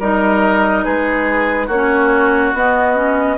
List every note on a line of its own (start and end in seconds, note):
0.00 0.85 G3
0.00 1.70 D#4
0.00 0.85 A#4
0.00 0.85 D#5
0.85 1.69 G#3
0.85 1.67 G#4
0.85 1.69 B4
1.67 2.53 A#3
1.67 3.36 F#4
1.67 2.54 C#5
1.74 2.55 C#4
2.54 3.38 B3
2.54 2.96 B3
2.54 3.38 D#5
2.96 3.38 C#4